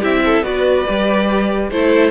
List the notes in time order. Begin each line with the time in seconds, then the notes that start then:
0.00 C4 E4 G4 E5
0.25 A4
0.43 B3 F#4 B4 D5
0.86 G3 G4
1.71 A3 E4 A4 C5